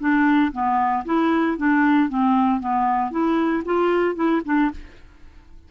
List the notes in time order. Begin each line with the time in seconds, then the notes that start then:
0.00 D4
0.53 B3
1.05 E4
1.58 D4
2.09 C4
2.60 B3
3.11 E4
3.65 F4
4.16 E4
4.45 D4